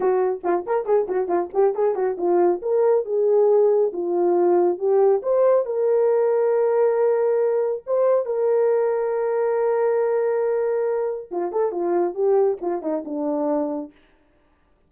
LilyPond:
\new Staff \with { instrumentName = "horn" } { \time 4/4 \tempo 4 = 138 fis'4 f'8 ais'8 gis'8 fis'8 f'8 g'8 | gis'8 fis'8 f'4 ais'4 gis'4~ | gis'4 f'2 g'4 | c''4 ais'2.~ |
ais'2 c''4 ais'4~ | ais'1~ | ais'2 f'8 a'8 f'4 | g'4 f'8 dis'8 d'2 | }